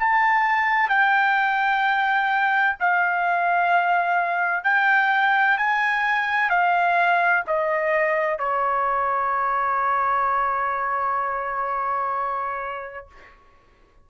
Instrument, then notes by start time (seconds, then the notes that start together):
trumpet
0.00 A5
0.89 G5
2.80 F5
4.64 G5
5.58 G#5
6.50 F5
7.47 D#5
8.39 C#5